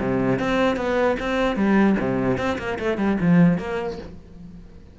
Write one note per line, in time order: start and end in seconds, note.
0.00 0.39 C3
0.39 0.76 C4
0.76 1.16 B3
1.19 1.56 C4
1.56 1.96 G3
1.99 2.37 C3
2.37 2.57 C4
2.58 2.78 A#3
2.79 2.97 A3
2.97 3.17 G3
3.20 3.58 F3
3.58 3.98 A#3